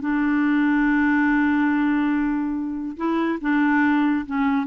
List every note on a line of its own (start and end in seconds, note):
0.00 2.96 D4
2.96 3.38 E4
3.41 4.25 D4
4.25 4.66 C#4